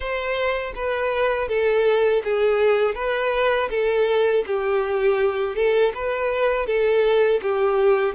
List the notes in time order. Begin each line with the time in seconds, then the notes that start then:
0.00 C5
0.75 B4
1.48 A4
2.24 G#4
2.95 B4
3.70 A4
4.46 G4
5.55 A4
5.94 B4
6.66 A4
7.41 G4